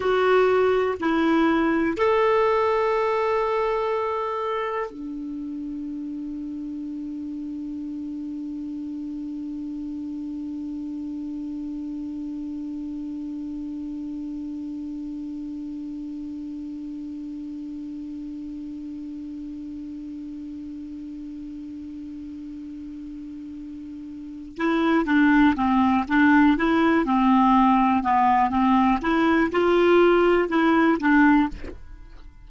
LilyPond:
\new Staff \with { instrumentName = "clarinet" } { \time 4/4 \tempo 4 = 61 fis'4 e'4 a'2~ | a'4 d'2.~ | d'1~ | d'1~ |
d'1~ | d'1~ | d'4 e'8 d'8 c'8 d'8 e'8 c'8~ | c'8 b8 c'8 e'8 f'4 e'8 d'8 | }